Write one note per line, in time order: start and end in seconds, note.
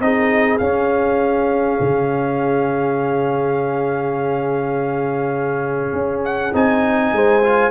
0.00 0.59 C4
0.00 0.60 D#4
0.00 7.15 G#4
0.00 0.57 D#5
0.57 1.79 C#4
0.57 6.53 C#4
0.57 6.22 F5
1.80 5.92 C#3
5.92 6.52 C#4
6.24 6.54 F#5
6.53 7.12 C4
6.53 7.42 D#4
6.53 7.71 G#5
7.12 7.71 G#3
7.12 7.71 C5
7.43 7.71 F4